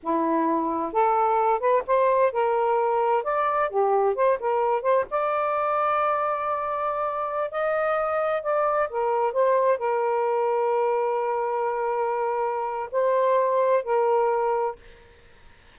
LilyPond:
\new Staff \with { instrumentName = "saxophone" } { \time 4/4 \tempo 4 = 130 e'2 a'4. b'8 | c''4 ais'2 d''4 | g'4 c''8 ais'4 c''8 d''4~ | d''1~ |
d''16 dis''2 d''4 ais'8.~ | ais'16 c''4 ais'2~ ais'8.~ | ais'1 | c''2 ais'2 | }